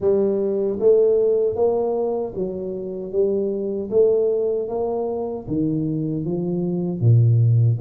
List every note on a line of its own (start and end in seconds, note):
0.00 0.78 G3
0.79 1.55 A3
1.55 2.33 A#3
2.35 3.12 F#3
3.12 3.90 G3
3.90 4.68 A3
4.68 5.46 A#3
5.47 6.24 D#3
6.24 7.00 F3
7.00 7.78 A#2